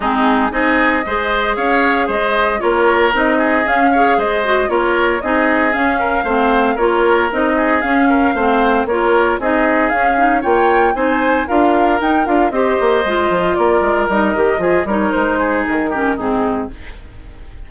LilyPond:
<<
  \new Staff \with { instrumentName = "flute" } { \time 4/4 \tempo 4 = 115 gis'4 dis''2 f''4 | dis''4 cis''4 dis''4 f''4 | dis''4 cis''4 dis''4 f''4~ | f''4 cis''4 dis''4 f''4~ |
f''4 cis''4 dis''4 f''4 | g''4 gis''4 f''4 g''8 f''8 | dis''2 d''4 dis''4~ | dis''8 cis''8 c''4 ais'4 gis'4 | }
  \new Staff \with { instrumentName = "oboe" } { \time 4/4 dis'4 gis'4 c''4 cis''4 | c''4 ais'4. gis'4 cis''8 | c''4 ais'4 gis'4. ais'8 | c''4 ais'4. gis'4 ais'8 |
c''4 ais'4 gis'2 | cis''4 c''4 ais'2 | c''2 ais'2 | gis'8 ais'4 gis'4 g'8 dis'4 | }
  \new Staff \with { instrumentName = "clarinet" } { \time 4/4 c'4 dis'4 gis'2~ | gis'4 f'4 dis'4 cis'8 gis'8~ | gis'8 fis'8 f'4 dis'4 cis'4 | c'4 f'4 dis'4 cis'4 |
c'4 f'4 dis'4 cis'8 dis'8 | f'4 dis'4 f'4 dis'8 f'8 | g'4 f'2 dis'8 g'8 | f'8 dis'2 cis'8 c'4 | }
  \new Staff \with { instrumentName = "bassoon" } { \time 4/4 gis4 c'4 gis4 cis'4 | gis4 ais4 c'4 cis'4 | gis4 ais4 c'4 cis'4 | a4 ais4 c'4 cis'4 |
a4 ais4 c'4 cis'4 | ais4 c'4 d'4 dis'8 d'8 | c'8 ais8 gis8 f8 ais8 gis8 g8 dis8 | f8 g8 gis4 dis4 gis,4 | }
>>